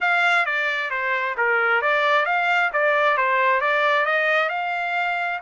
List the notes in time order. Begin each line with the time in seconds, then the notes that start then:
0.00 F5
0.45 D5
0.90 C5
1.37 A#4
1.81 D5
2.25 F5
2.72 D5
3.17 C5
3.60 D5
4.05 D#5
4.49 F5